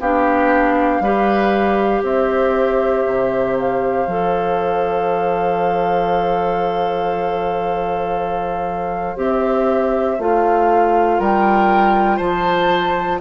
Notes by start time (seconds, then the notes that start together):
0.00 B3 D4 G4 F5
1.00 G3 G4 B4
2.03 C4 C5 E5
3.06 C3
3.58 F5
4.07 F3 A4
9.16 C4 G4 E5
10.18 A3 F4 F5
11.19 G3 A#4 G5
12.17 F3 C5 A5